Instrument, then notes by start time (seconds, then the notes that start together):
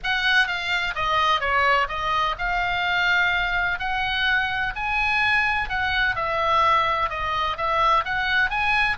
oboe
0.03 F#5
0.47 F5
0.95 D#5
1.40 C#5
1.88 D#5
2.38 F5
3.79 F#5
4.75 G#5
5.69 F#5
6.15 E5
7.09 D#5
7.57 E5
8.04 F#5
8.49 G#5